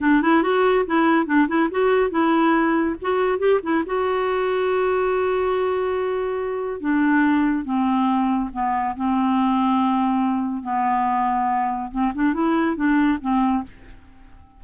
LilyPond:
\new Staff \with { instrumentName = "clarinet" } { \time 4/4 \tempo 4 = 141 d'8 e'8 fis'4 e'4 d'8 e'8 | fis'4 e'2 fis'4 | g'8 e'8 fis'2.~ | fis'1 |
d'2 c'2 | b4 c'2.~ | c'4 b2. | c'8 d'8 e'4 d'4 c'4 | }